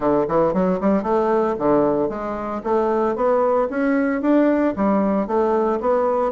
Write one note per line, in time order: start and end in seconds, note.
0.00 0.25 D3
0.28 0.53 E3
0.53 0.79 F#3
0.80 1.02 G3
1.02 1.55 A3
1.58 2.09 D3
2.09 2.61 G#3
2.63 3.15 A3
3.15 3.68 B3
3.70 4.21 C#4
4.21 4.74 D4
4.75 5.27 G3
5.27 5.79 A3
5.80 6.32 B3